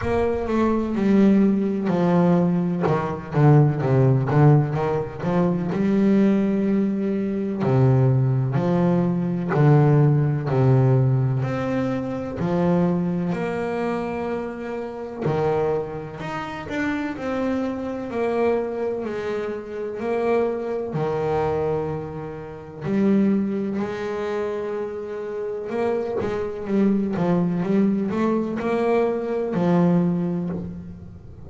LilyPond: \new Staff \with { instrumentName = "double bass" } { \time 4/4 \tempo 4 = 63 ais8 a8 g4 f4 dis8 d8 | c8 d8 dis8 f8 g2 | c4 f4 d4 c4 | c'4 f4 ais2 |
dis4 dis'8 d'8 c'4 ais4 | gis4 ais4 dis2 | g4 gis2 ais8 gis8 | g8 f8 g8 a8 ais4 f4 | }